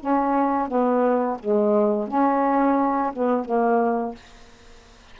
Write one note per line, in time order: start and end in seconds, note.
0.00 0.68 C#4
0.68 1.38 B3
1.40 2.08 G#3
2.08 3.13 C#4
3.13 3.45 B3
3.45 4.15 A#3